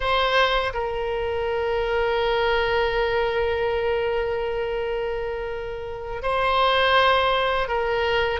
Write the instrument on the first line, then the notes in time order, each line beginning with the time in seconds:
oboe
0.00 C5
0.73 A#4
6.22 C5
7.68 A#4